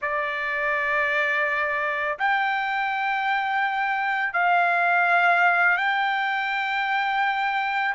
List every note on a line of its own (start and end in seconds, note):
0.01 2.18 D5
2.19 4.33 G5
4.33 5.77 F5
5.77 7.94 G5